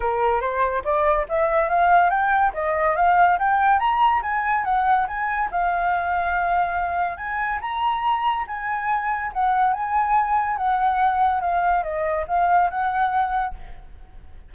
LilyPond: \new Staff \with { instrumentName = "flute" } { \time 4/4 \tempo 4 = 142 ais'4 c''4 d''4 e''4 | f''4 g''4 dis''4 f''4 | g''4 ais''4 gis''4 fis''4 | gis''4 f''2.~ |
f''4 gis''4 ais''2 | gis''2 fis''4 gis''4~ | gis''4 fis''2 f''4 | dis''4 f''4 fis''2 | }